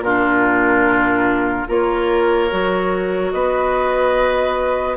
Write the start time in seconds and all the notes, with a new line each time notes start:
0.00 A#2 D4 F4 A#4
1.67 A#3 F4 A#4 C#5
2.50 F#3 F#4
3.31 B3 B4 D#5